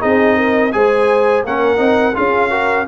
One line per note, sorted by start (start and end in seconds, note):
0.00 0.74 C4
0.00 0.71 D#4
0.00 0.36 G#4
0.00 0.72 D#5
0.36 0.72 A#4
0.72 1.44 G#3
0.72 1.44 G#4
0.72 1.46 C5
0.72 1.44 G#5
1.44 1.79 A#3
1.44 1.77 C#4
1.44 2.16 A#4
1.44 2.16 F#5
1.77 2.15 C4
1.77 2.13 D#4
2.15 2.88 C#4
2.15 2.50 F4
2.15 2.50 G#4
2.15 2.87 F5
2.50 2.86 F#4
2.50 2.86 A#4